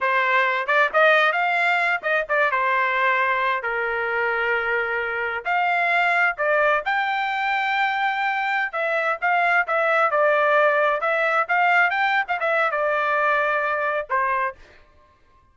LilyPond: \new Staff \with { instrumentName = "trumpet" } { \time 4/4 \tempo 4 = 132 c''4. d''8 dis''4 f''4~ | f''8 dis''8 d''8 c''2~ c''8 | ais'1 | f''2 d''4 g''4~ |
g''2.~ g''16 e''8.~ | e''16 f''4 e''4 d''4.~ d''16~ | d''16 e''4 f''4 g''8. f''16 e''8. | d''2. c''4 | }